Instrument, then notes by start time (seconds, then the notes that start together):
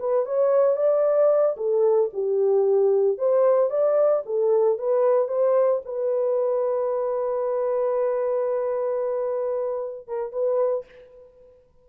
horn
0.00 B4
0.26 C#5
0.77 D5
1.57 A4
2.14 G4
3.19 C5
3.71 D5
4.26 A4
4.79 B4
5.29 C5
5.86 B4
10.08 A#4
10.33 B4